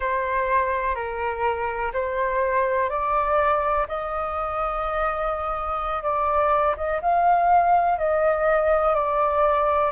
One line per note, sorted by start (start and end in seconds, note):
0.00 0.95 C5
0.95 1.91 A#4
1.93 2.89 C5
2.89 3.86 D5
3.88 6.02 D#5
6.02 6.75 D5
6.76 7.00 D#5
7.01 7.98 F5
7.98 8.94 D#5
8.94 9.91 D5